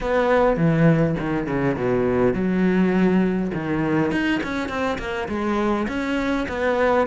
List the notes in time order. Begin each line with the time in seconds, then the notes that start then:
0.01 B3
0.56 E3
1.19 D#3
1.46 C#3
1.76 B2
2.33 F#3
3.53 D#3
4.11 D#4
4.43 C#4
4.68 C4
4.98 A#3
5.28 G#3
5.88 C#4
6.48 B3